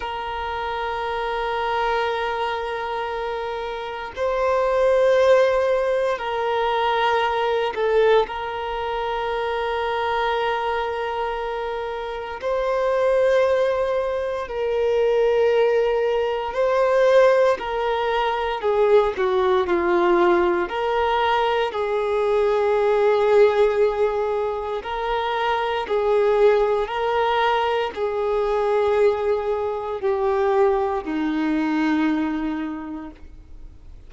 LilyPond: \new Staff \with { instrumentName = "violin" } { \time 4/4 \tempo 4 = 58 ais'1 | c''2 ais'4. a'8 | ais'1 | c''2 ais'2 |
c''4 ais'4 gis'8 fis'8 f'4 | ais'4 gis'2. | ais'4 gis'4 ais'4 gis'4~ | gis'4 g'4 dis'2 | }